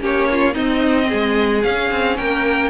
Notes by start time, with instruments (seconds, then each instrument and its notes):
0.00 cello A#3, viola C#4, violin G4 C#5
0.32 violin F4
0.53 viola C4, cello C4, violin D#4 D#5
1.09 cello G#3, violin G#4
1.63 viola C#4, cello C#4, violin F5
1.91 cello C4
2.17 cello A#3, violin A#4 G5